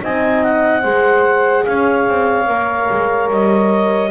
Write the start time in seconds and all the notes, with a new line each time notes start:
0.00 C4 D#4 D#5 G#5
0.43 F#5
0.81 G#3 G#4 C5
1.65 C#4 C#5 F5
2.08 C4
2.46 A#3 A#4
2.90 G#3
3.30 G3 D#5